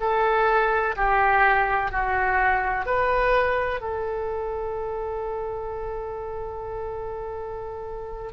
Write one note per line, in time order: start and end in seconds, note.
0.00 0.95 A4
0.96 1.91 G4
1.91 2.86 F#4
2.86 3.81 B4
3.81 8.32 A4